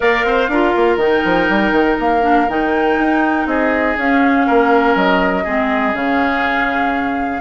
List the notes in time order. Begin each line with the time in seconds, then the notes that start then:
0.00 A#3 A#4 D5 F5
0.24 C4 C5
0.48 D4 F4 A#4
0.76 A#3
0.96 D#3 D#4 G5
1.24 F3
1.49 G3
1.72 D#3
1.99 A#3 F5
2.21 D4
2.48 D#3 D#4 G5
2.99 D#4
3.45 C4 G#4 D#5
3.97 C#4 F5
4.46 A#3 A#4
4.95 F#3 D#5
5.43 G#3 C4 G#4
5.93 C#3 C#4 F5